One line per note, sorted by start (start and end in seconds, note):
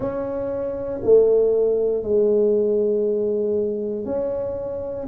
0.00 1.00 C#4
1.03 2.03 A3
2.03 4.05 G#3
4.05 5.07 C#4